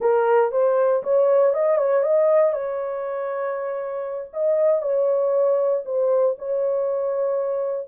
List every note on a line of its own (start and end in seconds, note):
0.00 0.51 A#4
0.51 1.02 C5
1.03 1.54 C#5
1.54 1.77 D#5
1.77 2.02 C#5
2.02 2.52 D#5
2.52 4.30 C#5
4.33 4.82 D#5
4.82 5.83 C#5
5.85 6.36 C5
6.38 7.87 C#5